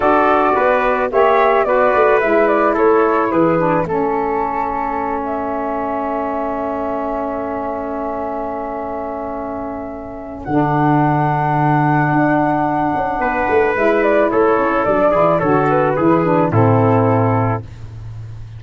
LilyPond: <<
  \new Staff \with { instrumentName = "flute" } { \time 4/4 \tempo 4 = 109 d''2 e''4 d''4 | e''8 d''8 cis''4 b'4 a'4~ | a'4. e''2~ e''8~ | e''1~ |
e''2. fis''4~ | fis''1~ | fis''4 e''8 d''8 cis''4 d''4 | cis''8 b'4. a'2 | }
  \new Staff \with { instrumentName = "trumpet" } { \time 4/4 a'4 b'4 cis''4 b'4~ | b'4 a'4 gis'4 a'4~ | a'1~ | a'1~ |
a'1~ | a'1 | b'2 a'4. gis'8 | a'4 gis'4 e'2 | }
  \new Staff \with { instrumentName = "saxophone" } { \time 4/4 fis'2 g'4 fis'4 | e'2~ e'8 d'8 cis'4~ | cis'1~ | cis'1~ |
cis'2. d'4~ | d'1~ | d'4 e'2 d'8 e'8 | fis'4 e'8 d'8 c'2 | }
  \new Staff \with { instrumentName = "tuba" } { \time 4/4 d'4 b4 ais4 b8 a8 | gis4 a4 e4 a4~ | a1~ | a1~ |
a2. d4~ | d2 d'4. cis'8 | b8 a8 gis4 a8 cis'8 fis8 e8 | d4 e4 a,2 | }
>>